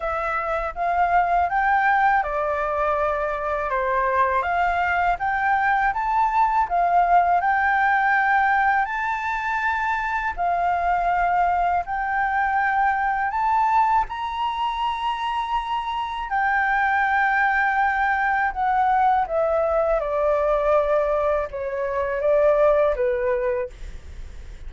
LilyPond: \new Staff \with { instrumentName = "flute" } { \time 4/4 \tempo 4 = 81 e''4 f''4 g''4 d''4~ | d''4 c''4 f''4 g''4 | a''4 f''4 g''2 | a''2 f''2 |
g''2 a''4 ais''4~ | ais''2 g''2~ | g''4 fis''4 e''4 d''4~ | d''4 cis''4 d''4 b'4 | }